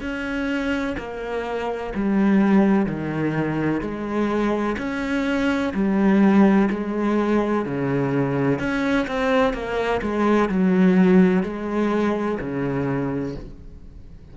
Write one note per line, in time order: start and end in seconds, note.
0.00 0.95 C#4
0.97 1.93 A#3
1.94 2.85 G3
2.85 3.81 D#3
3.81 4.76 G#3
4.77 5.73 C#4
5.73 6.68 G3
6.70 7.65 G#3
7.65 8.58 C#3
8.58 9.06 C#4
9.07 9.53 C4
9.53 10.01 A#3
10.01 10.49 G#3
10.49 11.43 F#3
11.43 12.38 G#3
12.40 13.35 C#3